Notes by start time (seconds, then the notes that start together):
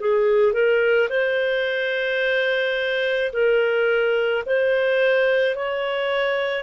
0.00 G#4
0.53 A#4
1.10 C5
3.33 A#4
4.46 C5
5.56 C#5